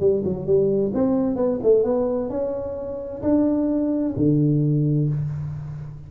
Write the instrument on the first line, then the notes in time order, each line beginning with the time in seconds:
tuba
0.00 G3
0.25 F#3
0.46 G3
0.94 C4
1.36 B3
1.63 A3
1.84 B3
2.30 C#4
3.23 D4
4.17 D3